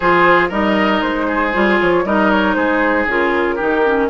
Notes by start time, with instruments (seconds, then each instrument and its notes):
0.00 bassoon F3, clarinet F4, oboe G#4, flute C5
0.48 bassoon G3, clarinet D#4, oboe A#4, flute D#5
1.01 bassoon G#3, flute C5
1.27 oboe G#4
1.53 bassoon G3, clarinet F4
1.80 bassoon F3, flute C#5
2.05 bassoon G3, clarinet D#4, oboe A#4, flute D#5
2.31 flute C#5
2.54 bassoon G#3, oboe G#4, flute C5
3.05 bassoon C#3, clarinet F4, flute A#4
3.55 bassoon D#3, clarinet D#4, oboe G4
3.85 clarinet C#4